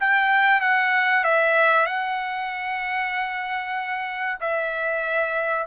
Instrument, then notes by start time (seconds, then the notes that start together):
trumpet
0.00 G5
0.61 F#5
1.24 E5
1.86 F#5
4.40 E5